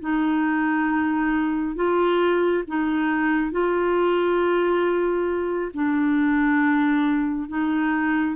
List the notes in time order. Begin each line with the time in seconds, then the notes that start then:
0.00 D#4
1.75 F4
2.67 D#4
3.51 F4
5.74 D4
7.48 D#4